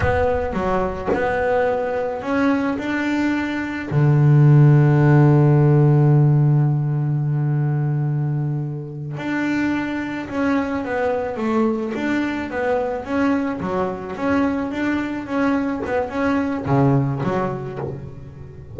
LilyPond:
\new Staff \with { instrumentName = "double bass" } { \time 4/4 \tempo 4 = 108 b4 fis4 b2 | cis'4 d'2 d4~ | d1~ | d1~ |
d8 d'2 cis'4 b8~ | b8 a4 d'4 b4 cis'8~ | cis'8 fis4 cis'4 d'4 cis'8~ | cis'8 b8 cis'4 cis4 fis4 | }